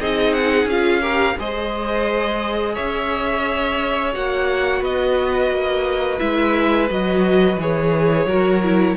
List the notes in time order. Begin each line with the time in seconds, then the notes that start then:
0.00 C4 D#4 G#4 D#5
0.33 F#5
0.65 C#4 F4 F5
1.02 G4 A#4
1.39 G#3 G#4 C5 D#5
2.75 C#4 C#5 E5
4.13 A#3 F#4 F#5
4.81 B3 B4 D#5
5.50 A#3
6.19 G#3 E4 E5
6.90 F#3 F#4 D#5
7.57 E3 G#4 C#5
8.26 F#3 F#4 A#4
8.63 E4